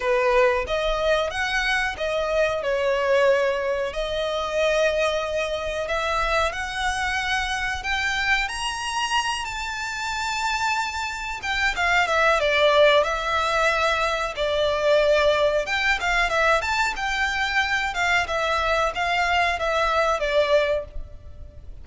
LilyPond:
\new Staff \with { instrumentName = "violin" } { \time 4/4 \tempo 4 = 92 b'4 dis''4 fis''4 dis''4 | cis''2 dis''2~ | dis''4 e''4 fis''2 | g''4 ais''4. a''4.~ |
a''4. g''8 f''8 e''8 d''4 | e''2 d''2 | g''8 f''8 e''8 a''8 g''4. f''8 | e''4 f''4 e''4 d''4 | }